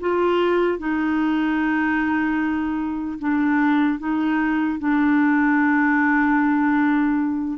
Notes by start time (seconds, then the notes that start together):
0.00 F4
0.79 D#4
3.19 D4
3.99 D#4
4.79 D4